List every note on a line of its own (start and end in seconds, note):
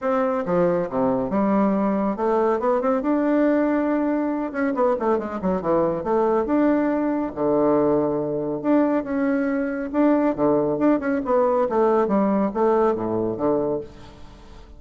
0.01 0.44 C4
0.45 0.88 F3
0.89 1.29 C3
1.29 2.16 G3
2.16 2.59 A3
2.59 2.81 B3
2.81 3.02 C4
3.02 4.52 D4
4.52 4.73 C#4
4.74 4.96 B3
4.99 5.18 A3
5.18 5.40 G#3
5.41 5.61 F#3
5.61 6.03 E3
6.03 6.45 A3
6.45 7.32 D4
7.35 8.62 D3
8.62 9.03 D4
9.03 9.90 C#4
9.92 10.35 D4
10.35 10.78 D3
10.78 10.99 D4
10.99 11.21 C#4
11.24 11.68 B3
11.69 12.07 A3
12.07 12.50 G3
12.54 12.95 A3
12.95 13.37 A2
13.37 13.80 D3